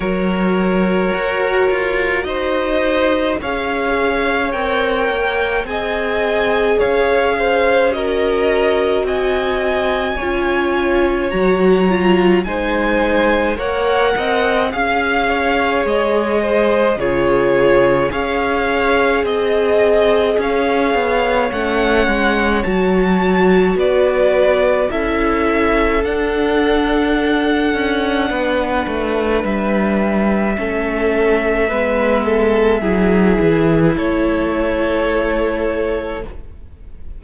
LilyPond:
<<
  \new Staff \with { instrumentName = "violin" } { \time 4/4 \tempo 4 = 53 cis''2 dis''4 f''4 | g''4 gis''4 f''4 dis''4 | gis''2 ais''4 gis''4 | fis''4 f''4 dis''4 cis''4 |
f''4 dis''4 f''4 fis''4 | a''4 d''4 e''4 fis''4~ | fis''2 e''2~ | e''2 cis''2 | }
  \new Staff \with { instrumentName = "violin" } { \time 4/4 ais'2 c''4 cis''4~ | cis''4 dis''4 cis''8 c''8 ais'4 | dis''4 cis''2 c''4 | cis''8 dis''8 f''8 cis''4 c''8 gis'4 |
cis''4 dis''4 cis''2~ | cis''4 b'4 a'2~ | a'4 b'2 a'4 | b'8 a'8 gis'4 a'2 | }
  \new Staff \with { instrumentName = "viola" } { \time 4/4 fis'2. gis'4 | ais'4 gis'2 fis'4~ | fis'4 f'4 fis'8 f'8 dis'4 | ais'4 gis'2 f'4 |
gis'2. cis'4 | fis'2 e'4 d'4~ | d'2. cis'4 | b4 e'2. | }
  \new Staff \with { instrumentName = "cello" } { \time 4/4 fis4 fis'8 f'8 dis'4 cis'4 | c'8 ais8 c'4 cis'2 | c'4 cis'4 fis4 gis4 | ais8 c'8 cis'4 gis4 cis4 |
cis'4 c'4 cis'8 b8 a8 gis8 | fis4 b4 cis'4 d'4~ | d'8 cis'8 b8 a8 g4 a4 | gis4 fis8 e8 a2 | }
>>